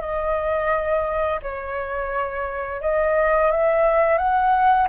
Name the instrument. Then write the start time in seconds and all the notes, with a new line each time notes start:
flute
0.00 D#5
1.42 C#5
2.81 D#5
3.51 E5
4.17 F#5